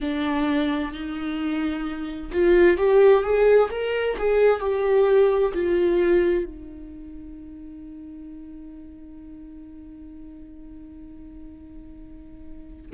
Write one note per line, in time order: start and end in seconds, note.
0.00 0.92 D4
0.92 2.31 D#4
2.32 2.77 F4
2.77 3.23 G4
3.23 3.69 G#4
3.70 4.16 A#4
4.18 4.59 G#4
4.59 5.52 G4
5.54 6.45 F4
6.45 12.91 D#4